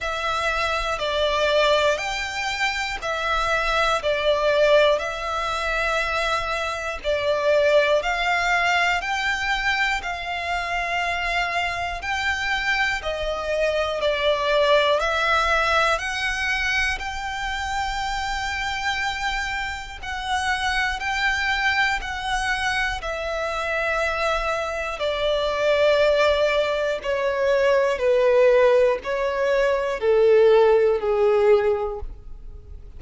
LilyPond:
\new Staff \with { instrumentName = "violin" } { \time 4/4 \tempo 4 = 60 e''4 d''4 g''4 e''4 | d''4 e''2 d''4 | f''4 g''4 f''2 | g''4 dis''4 d''4 e''4 |
fis''4 g''2. | fis''4 g''4 fis''4 e''4~ | e''4 d''2 cis''4 | b'4 cis''4 a'4 gis'4 | }